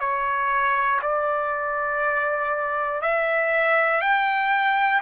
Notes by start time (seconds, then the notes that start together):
0.00 C#5
1.02 D5
3.01 E5
4.01 G5